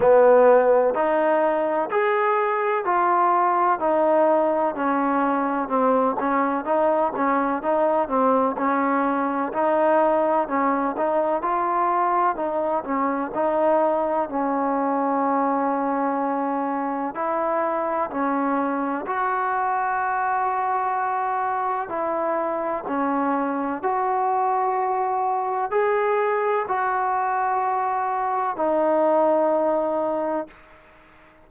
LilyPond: \new Staff \with { instrumentName = "trombone" } { \time 4/4 \tempo 4 = 63 b4 dis'4 gis'4 f'4 | dis'4 cis'4 c'8 cis'8 dis'8 cis'8 | dis'8 c'8 cis'4 dis'4 cis'8 dis'8 | f'4 dis'8 cis'8 dis'4 cis'4~ |
cis'2 e'4 cis'4 | fis'2. e'4 | cis'4 fis'2 gis'4 | fis'2 dis'2 | }